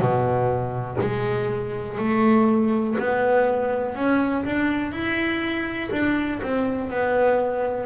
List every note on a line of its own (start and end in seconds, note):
0.00 0.98 B2
1.00 1.98 G#3
1.98 2.96 A3
2.99 3.95 B3
3.95 4.44 C#4
4.45 4.92 D4
4.92 5.90 E4
5.92 6.41 D4
6.42 6.90 C4
6.90 7.86 B3